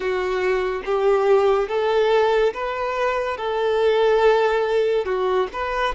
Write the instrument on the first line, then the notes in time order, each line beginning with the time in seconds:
violin
0.00 F#4
0.85 G4
1.68 A4
2.54 B4
3.36 A4
5.05 F#4
5.52 B4